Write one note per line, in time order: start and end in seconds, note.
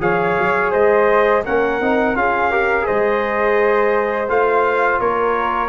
0.00 0.36 F3
0.00 1.43 G#4
0.00 0.71 C#5
0.00 0.72 F5
0.38 0.73 F#3
0.71 1.44 G#3
0.71 1.43 C5
0.71 1.44 D#5
1.45 1.80 A#3
1.45 1.81 C#4
1.45 2.17 A#4
1.45 2.16 F#5
1.80 2.15 C4
1.80 2.15 D#4
2.15 2.87 C#4
2.15 2.50 F4
2.15 2.51 G#4
2.15 2.86 F5
2.51 2.82 G4
2.51 2.86 A#4
2.82 4.25 G#4
2.82 4.99 C5
2.82 4.29 D#5
2.89 4.28 G#3
4.28 5.00 A3
4.28 5.68 F4
4.28 5.00 F5
4.99 5.68 A#3
4.99 5.68 A#4
4.99 5.68 C#5